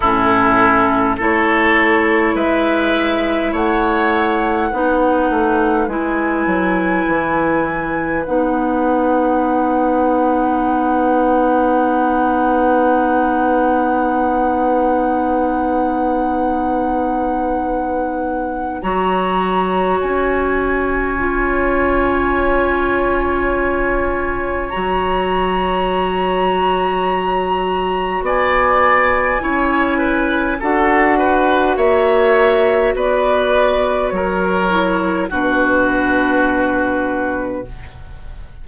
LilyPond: <<
  \new Staff \with { instrumentName = "flute" } { \time 4/4 \tempo 4 = 51 a'4 cis''4 e''4 fis''4~ | fis''4 gis''2 fis''4~ | fis''1~ | fis''1 |
ais''4 gis''2.~ | gis''4 ais''2. | gis''2 fis''4 e''4 | d''4 cis''4 b'2 | }
  \new Staff \with { instrumentName = "oboe" } { \time 4/4 e'4 a'4 b'4 cis''4 | b'1~ | b'1~ | b'1 |
cis''1~ | cis''1 | d''4 cis''8 b'8 a'8 b'8 cis''4 | b'4 ais'4 fis'2 | }
  \new Staff \with { instrumentName = "clarinet" } { \time 4/4 cis'4 e'2. | dis'4 e'2 dis'4~ | dis'1~ | dis'1 |
fis'2 f'2~ | f'4 fis'2.~ | fis'4 e'4 fis'2~ | fis'4. e'8 d'2 | }
  \new Staff \with { instrumentName = "bassoon" } { \time 4/4 a,4 a4 gis4 a4 | b8 a8 gis8 fis8 e4 b4~ | b1~ | b1 |
fis4 cis'2.~ | cis'4 fis2. | b4 cis'4 d'4 ais4 | b4 fis4 b,2 | }
>>